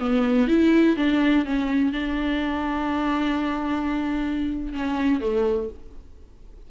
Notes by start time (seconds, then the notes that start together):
0.00 B3
0.48 E4
0.97 D4
1.46 C#4
1.93 D4
4.73 C#4
5.21 A3